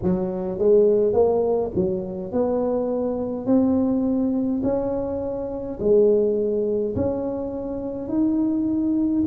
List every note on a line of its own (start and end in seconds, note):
0.03 0.58 F#3
0.58 1.13 G#3
1.13 1.70 A#3
1.75 2.31 F#3
2.31 3.46 B3
3.46 4.61 C4
4.63 5.78 C#4
5.80 6.95 G#3
6.95 8.08 C#4
8.08 9.24 D#4